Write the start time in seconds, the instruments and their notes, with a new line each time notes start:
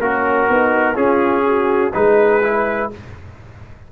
0.00 tuba A#3, horn C#4, trombone F#4, trumpet A#4
0.48 tuba B3, horn D#4
0.95 trombone C#4, tuba C#4, horn F4, trumpet G#4
1.45 horn F#4
1.94 tuba G#3, trombone D#4, horn G#4, trumpet B4
2.43 trombone E4